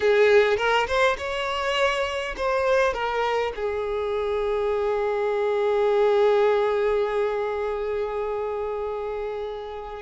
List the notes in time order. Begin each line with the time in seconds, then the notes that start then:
0.00 G#4
0.57 A#4
0.87 C5
1.17 C#5
2.37 C5
2.93 A#4
3.55 G#4